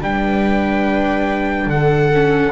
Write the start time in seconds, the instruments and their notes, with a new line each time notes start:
0.00 double bass G3, viola D4 B4, trumpet G5
1.66 double bass D3, viola A4, trumpet F#5
2.14 viola C#4